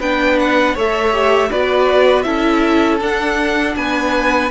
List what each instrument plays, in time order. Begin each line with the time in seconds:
0.00 cello B3, viola D4, violin B4 G5
0.39 violin F#5
0.75 cello A3, viola A4, violin C#5 E5
1.12 viola G4
1.50 cello B3, viola F#4, violin B4 D5
2.23 cello C#4, viola E4, violin A4 E5
3.01 viola D4, cello D4, violin F#5
3.76 cello B3, violin B4 G#5